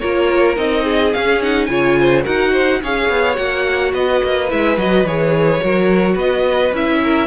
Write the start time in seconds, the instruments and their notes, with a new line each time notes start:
0.00 cello A#3, viola F4, violin A#4 C#5
0.56 cello C4, viola D#4, violin D#5
0.84 violin G#4
1.14 viola C#4, cello C#4, violin F5
1.42 viola D#4, violin F#5
1.66 cello C#3, viola F4, violin C#5 G#5
2.00 violin C5
2.24 cello D#4, viola F#4, violin A#4 F#5
2.52 violin C5
2.83 cello C#4, viola G#4, violin C#5 F5
3.09 cello B3
3.35 cello A#3, viola F#4, violin F#5
3.93 cello B3, violin B4 D#5
4.24 cello A#3
4.49 cello G#3, viola E4, violin E5
4.77 cello F#3, viola F#4, violin D#5
5.04 cello E3, viola G#4, violin C#5
5.61 cello F#3, viola F#4, violin A#4
6.14 cello B3, violin B4 D#5
6.72 cello C#4, viola E4, violin E5
7.03 violin A#4